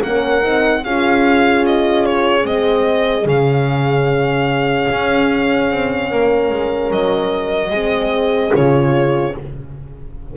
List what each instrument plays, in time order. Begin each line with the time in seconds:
0.00 double bass A#3, horn C#4 A#4, violin F#5
0.42 double bass C4, horn D#4
0.84 double bass C#4, horn F4 G#4, violin F5
1.66 violin D#5
2.06 violin C#5
2.43 double bass G#3, horn C4, violin D#5
3.25 double bass C#3, horn C#4, violin F5
4.91 double bass C#4
5.71 double bass C4
6.10 double bass A#3, horn A#4
6.50 double bass G#3
6.91 double bass F#3, violin D#5
7.70 double bass G#3, horn C4 G#4
8.53 double bass C#3, horn F4, violin C#5